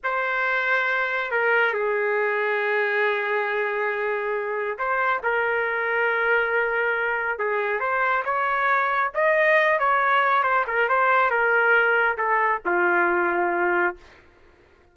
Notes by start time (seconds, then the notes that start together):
0.03 C5
1.31 A#4
1.73 G#4
4.78 C5
5.23 A#4
7.39 G#4
7.80 C5
8.24 C#5
9.14 D#5
9.79 C#5
10.43 C5
10.67 A#4
10.88 C5
11.30 A#4
12.17 A4
12.65 F4